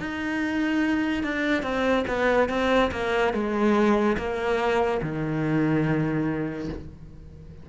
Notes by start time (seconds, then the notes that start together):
0.00 D#4
1.23 D4
1.63 C4
2.08 B3
2.49 C4
2.92 A#3
3.33 G#3
4.17 A#3
5.02 D#3